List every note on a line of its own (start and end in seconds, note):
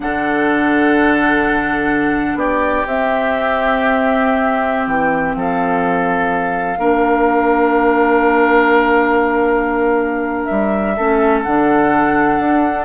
0.00 2.34 D3
0.00 2.85 D4
0.00 2.37 A4
0.00 2.38 F#5
2.34 2.82 B3
2.34 5.35 G4
2.34 2.86 D5
2.85 4.86 C4
2.85 6.77 C4
2.85 4.87 E5
4.86 5.34 E3
4.86 5.35 G5
5.35 6.77 F3
5.35 6.78 A4
5.35 10.45 F5
6.77 10.46 A#3
6.77 10.94 D4
6.77 10.95 A#4
10.45 10.98 G3
10.45 11.40 E5
10.96 11.45 A3
10.96 11.45 C#4
10.96 12.85 A4
11.42 12.39 D3
11.42 12.85 D4
11.42 12.85 F#5
12.39 12.85 D4